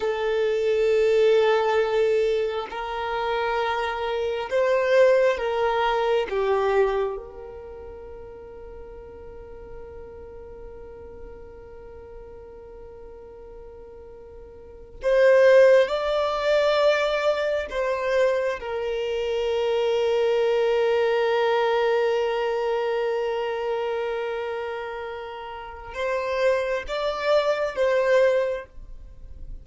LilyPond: \new Staff \with { instrumentName = "violin" } { \time 4/4 \tempo 4 = 67 a'2. ais'4~ | ais'4 c''4 ais'4 g'4 | ais'1~ | ais'1~ |
ais'8. c''4 d''2 c''16~ | c''8. ais'2.~ ais'16~ | ais'1~ | ais'4 c''4 d''4 c''4 | }